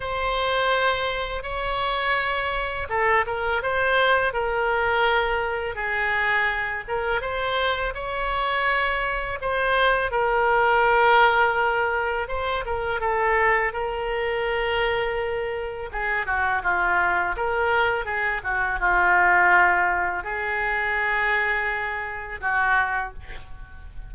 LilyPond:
\new Staff \with { instrumentName = "oboe" } { \time 4/4 \tempo 4 = 83 c''2 cis''2 | a'8 ais'8 c''4 ais'2 | gis'4. ais'8 c''4 cis''4~ | cis''4 c''4 ais'2~ |
ais'4 c''8 ais'8 a'4 ais'4~ | ais'2 gis'8 fis'8 f'4 | ais'4 gis'8 fis'8 f'2 | gis'2. fis'4 | }